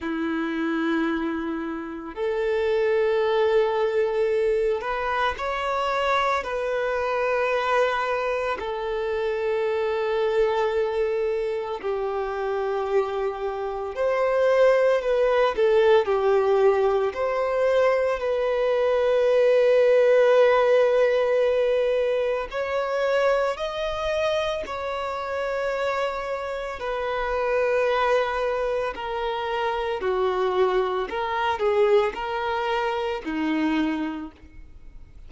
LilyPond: \new Staff \with { instrumentName = "violin" } { \time 4/4 \tempo 4 = 56 e'2 a'2~ | a'8 b'8 cis''4 b'2 | a'2. g'4~ | g'4 c''4 b'8 a'8 g'4 |
c''4 b'2.~ | b'4 cis''4 dis''4 cis''4~ | cis''4 b'2 ais'4 | fis'4 ais'8 gis'8 ais'4 dis'4 | }